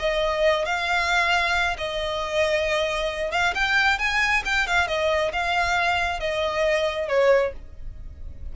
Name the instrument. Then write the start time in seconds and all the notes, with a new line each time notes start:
violin
0.00 D#5
0.66 F5
1.78 D#5
3.32 F5
3.55 G5
3.99 G#5
4.46 G5
4.68 F5
4.88 D#5
5.33 F5
6.20 D#5
7.09 C#5